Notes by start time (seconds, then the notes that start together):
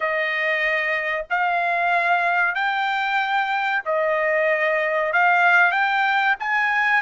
0.00 D#5
1.30 F5
2.54 G5
3.85 D#5
5.12 F5
5.71 G5
6.39 G#5